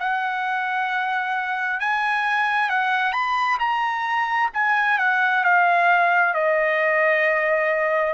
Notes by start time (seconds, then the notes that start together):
0.00 F#5
1.80 G#5
2.70 F#5
3.13 B5
3.59 A#5
4.54 G#5
4.99 F#5
5.44 F5
6.34 D#5